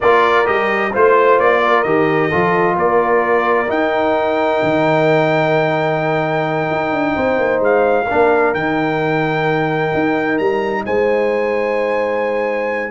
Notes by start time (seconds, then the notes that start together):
0.00 A#3 F4 A#4 D5
0.45 G3 G4 D#5
0.91 A3 F4 C5
1.39 A#3 D5
1.63 A#4
1.83 D#3 G4 D#5
2.28 F3 F4 A4
2.75 A#3 A#4 D5
3.66 D#4 G5
4.62 D#3
6.70 D#4
6.92 D4
7.14 C4 C5
7.37 A#3
7.60 G#3 F5
8.05 D4 A#4
8.12 A#3
8.54 D#3 D#4 G5
9.94 D#4
10.38 G3 A#5
10.85 G#3 C5 G#5